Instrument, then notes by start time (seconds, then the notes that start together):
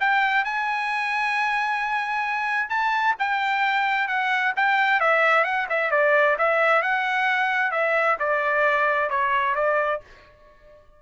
trumpet
0.00 G5
0.44 G#5
2.69 A5
3.19 G5
4.08 F#5
4.56 G5
5.00 E5
5.44 F#5
5.69 E5
5.91 D5
6.38 E5
6.82 F#5
7.71 E5
8.19 D5
9.10 C#5
9.55 D5